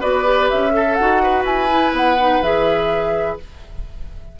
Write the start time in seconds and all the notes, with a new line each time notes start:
0.00 B3 F#4 B4 D5
0.24 G4
0.50 C#4 E5
0.71 A4
0.95 D#4 F#4 F#5
1.23 B4
1.44 E4 G#5
1.69 E4
1.92 B3 F#5
2.19 D#4
2.43 E3 G#4 E5